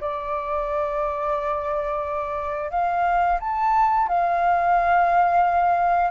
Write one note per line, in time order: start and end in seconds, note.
0.00 2.70 D5
2.70 3.38 F5
3.40 4.08 A5
4.08 6.10 F5